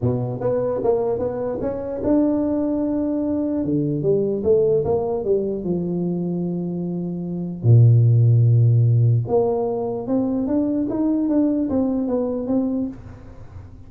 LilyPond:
\new Staff \with { instrumentName = "tuba" } { \time 4/4 \tempo 4 = 149 b,4 b4 ais4 b4 | cis'4 d'2.~ | d'4 d4 g4 a4 | ais4 g4 f2~ |
f2. ais,4~ | ais,2. ais4~ | ais4 c'4 d'4 dis'4 | d'4 c'4 b4 c'4 | }